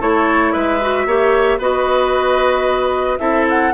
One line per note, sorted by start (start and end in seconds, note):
0.00 0.54 A3
0.00 0.80 E4
0.00 0.53 A4
0.00 0.52 C#5
0.52 1.06 G#3
0.52 1.06 B4
0.52 1.60 E5
0.81 1.07 F#4
1.06 1.58 A#3
1.06 1.60 G4
1.06 1.58 C#5
1.58 3.19 B3
1.58 3.19 F#4
1.58 3.19 B4
1.58 3.18 D#5
3.18 3.73 C4
3.18 3.73 E4
3.18 3.74 A4
3.18 3.45 E5
3.49 3.74 F#5